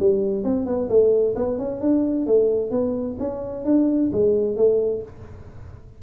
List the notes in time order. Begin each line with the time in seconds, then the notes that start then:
0.00 G3
0.45 C4
0.66 B3
0.90 A3
1.36 B3
1.59 C#4
1.81 D4
2.27 A3
2.71 B3
3.20 C#4
3.65 D4
4.13 G#3
4.57 A3